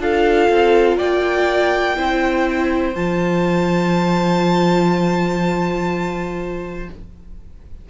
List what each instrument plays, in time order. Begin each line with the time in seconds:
0.00 cello D4, viola F4, violin A4 F5
0.49 cello C4
0.98 cello A#3, violin D5 G5
1.96 cello C4, viola E4, violin C5
2.95 cello F3, viola F4, violin A5